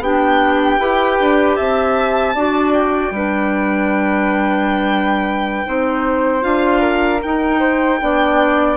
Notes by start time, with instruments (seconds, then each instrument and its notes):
0.00 bassoon B3, clarinet D4, flute G4, violin G5
0.79 bassoon E4, clarinet G4, flute B4
1.20 bassoon D4
1.56 bassoon C4, flute E5, violin A5
2.35 bassoon D4, clarinet F#4, flute D5
2.73 violin G5
3.11 bassoon G3, clarinet D4, flute B4
5.66 bassoon C4, clarinet D#4, flute C5
6.42 bassoon D4, clarinet F4, violin F5
6.81 flute A#4
7.23 clarinet D#4, bassoon D#4, violin G5
7.60 flute C5
8.00 bassoon B3, clarinet D4, flute D5